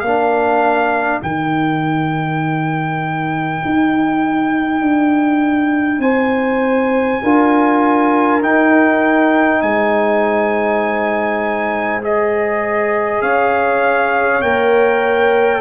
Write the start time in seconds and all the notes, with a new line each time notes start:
0.00 A#3 D4 A#4 F5
1.22 D#3 D#4 G5
3.65 D#4
4.81 D4
5.98 C4 C5 G#5
7.23 D4 F4 A#4
8.41 D#4 G5
9.62 G#3 C5 G#5
12.02 G#4 D#5
13.21 C#4 C#5 F5
14.42 A#3 A#4 G5